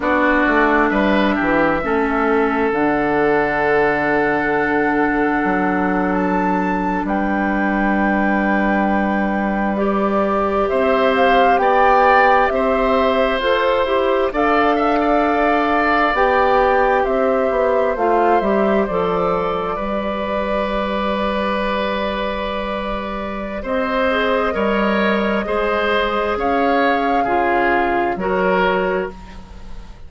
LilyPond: <<
  \new Staff \with { instrumentName = "flute" } { \time 4/4 \tempo 4 = 66 d''4 e''2 fis''4~ | fis''2~ fis''8. a''4 g''16~ | g''2~ g''8. d''4 e''16~ | e''16 f''8 g''4 e''4 c''4 f''16~ |
f''4.~ f''16 g''4 e''4 f''16~ | f''16 e''8 d''2.~ d''16~ | d''2 dis''2~ | dis''4 f''2 cis''4 | }
  \new Staff \with { instrumentName = "oboe" } { \time 4/4 fis'4 b'8 g'8 a'2~ | a'2.~ a'8. b'16~ | b'2.~ b'8. c''16~ | c''8. d''4 c''2 d''16~ |
d''16 e''16 d''2~ d''16 c''4~ c''16~ | c''4.~ c''16 b'2~ b'16~ | b'2 c''4 cis''4 | c''4 cis''4 gis'4 ais'4 | }
  \new Staff \with { instrumentName = "clarinet" } { \time 4/4 d'2 cis'4 d'4~ | d'1~ | d'2~ d'8. g'4~ g'16~ | g'2~ g'8. a'8 g'8 a'16~ |
a'4.~ a'16 g'2 f'16~ | f'16 g'8 a'4 g'2~ g'16~ | g'2~ g'8 gis'8 ais'4 | gis'2 f'4 fis'4 | }
  \new Staff \with { instrumentName = "bassoon" } { \time 4/4 b8 a8 g8 e8 a4 d4~ | d2 fis4.~ fis16 g16~ | g2.~ g8. c'16~ | c'8. b4 c'4 f'8 e'8 d'16~ |
d'4.~ d'16 b4 c'8 b8 a16~ | a16 g8 f4 g2~ g16~ | g2 c'4 g4 | gis4 cis'4 cis4 fis4 | }
>>